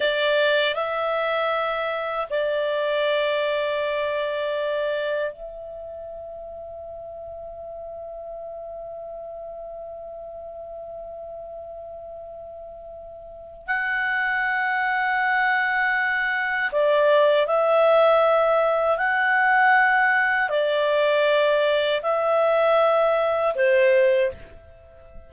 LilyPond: \new Staff \with { instrumentName = "clarinet" } { \time 4/4 \tempo 4 = 79 d''4 e''2 d''4~ | d''2. e''4~ | e''1~ | e''1~ |
e''2 fis''2~ | fis''2 d''4 e''4~ | e''4 fis''2 d''4~ | d''4 e''2 c''4 | }